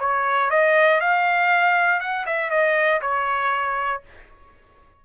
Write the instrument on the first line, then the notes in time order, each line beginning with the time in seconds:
trumpet
0.00 C#5
0.51 D#5
1.01 F5
2.01 F#5
2.27 E5
2.51 D#5
3.02 C#5